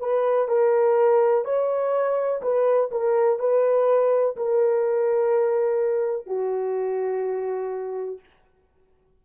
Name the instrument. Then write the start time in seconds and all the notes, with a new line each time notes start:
horn
0.00 B4
0.48 A#4
1.45 C#5
2.42 B4
2.91 A#4
3.39 B4
4.36 A#4
6.26 F#4